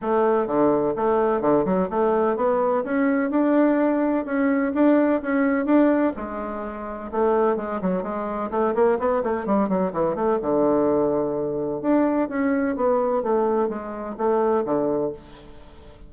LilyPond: \new Staff \with { instrumentName = "bassoon" } { \time 4/4 \tempo 4 = 127 a4 d4 a4 d8 fis8 | a4 b4 cis'4 d'4~ | d'4 cis'4 d'4 cis'4 | d'4 gis2 a4 |
gis8 fis8 gis4 a8 ais8 b8 a8 | g8 fis8 e8 a8 d2~ | d4 d'4 cis'4 b4 | a4 gis4 a4 d4 | }